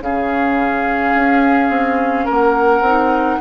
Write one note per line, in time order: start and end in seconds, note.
0.00 1.13 C#3
0.00 2.85 C#4
0.00 2.25 G#4
0.00 2.29 F5
1.15 1.69 C#4
1.69 2.25 C4
2.25 2.80 A#3
2.25 3.38 A#4
2.25 3.41 F#5
2.80 3.37 C4
2.80 3.41 D#4